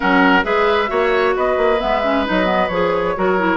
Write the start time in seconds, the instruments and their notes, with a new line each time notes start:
0.00 bassoon F#3, clarinet C#4, oboe A#4, flute F#5
0.43 bassoon G#3, clarinet G#4, oboe B4, flute E5
0.87 bassoon A#3, clarinet F#4, oboe C#5
1.35 bassoon B3, oboe B4, flute D#5
1.57 bassoon A#3
1.79 bassoon G#3, clarinet B3, flute E5
2.03 clarinet C#4
2.25 bassoon F#3, clarinet D#4, flute D#5
2.44 clarinet B3
2.68 bassoon F3, clarinet G#4, flute C#5
3.16 bassoon F#3, clarinet F#4, oboe A#4
3.38 clarinet E4